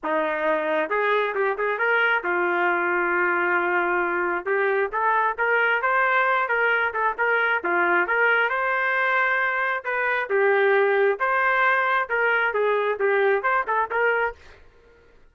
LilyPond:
\new Staff \with { instrumentName = "trumpet" } { \time 4/4 \tempo 4 = 134 dis'2 gis'4 g'8 gis'8 | ais'4 f'2.~ | f'2 g'4 a'4 | ais'4 c''4. ais'4 a'8 |
ais'4 f'4 ais'4 c''4~ | c''2 b'4 g'4~ | g'4 c''2 ais'4 | gis'4 g'4 c''8 a'8 ais'4 | }